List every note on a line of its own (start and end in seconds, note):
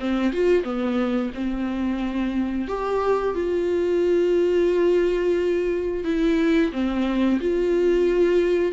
0.00 0.32 C4
0.32 0.63 F4
0.63 1.31 B3
1.34 2.68 C4
2.68 3.35 G4
3.35 6.04 F4
6.04 6.72 E4
6.72 7.40 C4
7.40 8.72 F4